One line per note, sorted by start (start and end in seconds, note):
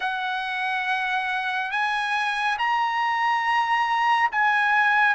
0.00 1.71 F#5
1.71 2.57 G#5
2.58 4.29 A#5
4.31 5.14 G#5